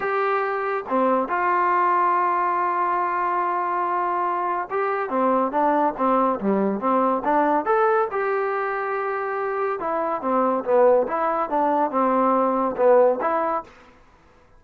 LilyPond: \new Staff \with { instrumentName = "trombone" } { \time 4/4 \tempo 4 = 141 g'2 c'4 f'4~ | f'1~ | f'2. g'4 | c'4 d'4 c'4 g4 |
c'4 d'4 a'4 g'4~ | g'2. e'4 | c'4 b4 e'4 d'4 | c'2 b4 e'4 | }